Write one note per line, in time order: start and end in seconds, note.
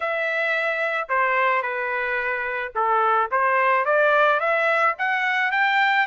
0.00 1.08 E5
1.09 1.62 C5
1.62 2.72 B4
2.75 3.30 A4
3.31 3.85 C5
3.85 4.40 D5
4.40 4.95 E5
4.98 5.51 F#5
5.51 6.07 G5